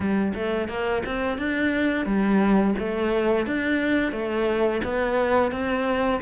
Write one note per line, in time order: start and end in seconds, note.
0.00 0.33 G3
0.34 0.68 A3
0.68 1.03 A#3
1.05 1.38 C4
1.38 2.05 D4
2.05 2.74 G3
2.78 3.46 A3
3.46 4.12 D4
4.12 4.81 A3
4.84 5.51 B3
5.51 6.20 C4